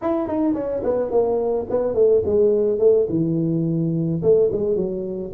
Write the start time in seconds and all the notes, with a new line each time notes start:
0.01 E4
0.27 D#4
0.54 C#4
0.83 B3
1.11 A#3
1.69 B3
1.94 A3
2.25 G#3
2.79 A3
3.09 E3
4.22 A3
4.51 G#3
4.76 F#3